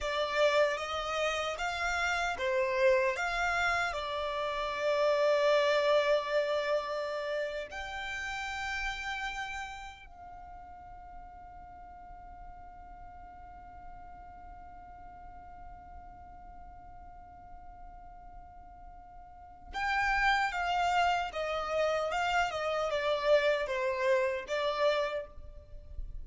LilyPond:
\new Staff \with { instrumentName = "violin" } { \time 4/4 \tempo 4 = 76 d''4 dis''4 f''4 c''4 | f''4 d''2.~ | d''4.~ d''16 g''2~ g''16~ | g''8. f''2.~ f''16~ |
f''1~ | f''1~ | f''4 g''4 f''4 dis''4 | f''8 dis''8 d''4 c''4 d''4 | }